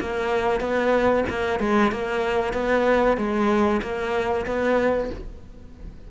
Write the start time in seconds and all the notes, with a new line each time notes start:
0.00 A#3
0.60 B3
1.29 A#3
1.59 G#3
1.91 A#3
2.53 B3
3.17 G#3
3.82 A#3
4.46 B3